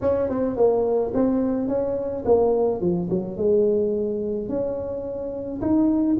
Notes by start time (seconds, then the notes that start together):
0.01 C#4
0.29 C4
0.56 A#3
1.13 C4
1.67 C#4
2.25 A#3
2.80 F3
3.09 F#3
3.36 G#3
4.48 C#4
5.61 D#4